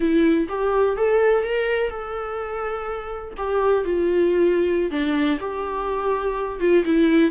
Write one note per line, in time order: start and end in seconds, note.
0.00 0.47 E4
0.48 0.96 G4
0.96 1.43 A4
1.43 1.90 A#4
1.90 3.34 A4
3.37 3.84 G4
3.84 4.91 F4
4.91 5.39 D4
5.40 6.60 G4
6.60 6.84 F4
6.84 7.31 E4